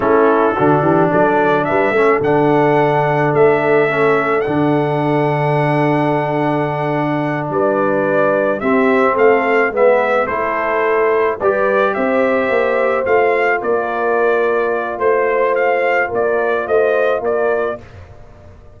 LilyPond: <<
  \new Staff \with { instrumentName = "trumpet" } { \time 4/4 \tempo 4 = 108 a'2 d''4 e''4 | fis''2 e''2 | fis''1~ | fis''4. d''2 e''8~ |
e''8 f''4 e''4 c''4.~ | c''8 d''4 e''2 f''8~ | f''8 d''2~ d''8 c''4 | f''4 d''4 dis''4 d''4 | }
  \new Staff \with { instrumentName = "horn" } { \time 4/4 e'4 fis'8 g'8 a'4 b'8 a'8~ | a'1~ | a'1~ | a'4. b'2 g'8~ |
g'8 a'4 b'4 a'4.~ | a'8 b'4 c''2~ c''8~ | c''8 ais'2~ ais'8 c''4~ | c''4 ais'4 c''4 ais'4 | }
  \new Staff \with { instrumentName = "trombone" } { \time 4/4 cis'4 d'2~ d'8 cis'8 | d'2. cis'4 | d'1~ | d'2.~ d'8 c'8~ |
c'4. b4 e'4.~ | e'8 g'2. f'8~ | f'1~ | f'1 | }
  \new Staff \with { instrumentName = "tuba" } { \time 4/4 a4 d8 e8 fis4 g8 a8 | d2 a2 | d1~ | d4. g2 c'8~ |
c'8 a4 gis4 a4.~ | a8 g4 c'4 ais4 a8~ | a8 ais2~ ais8 a4~ | a4 ais4 a4 ais4 | }
>>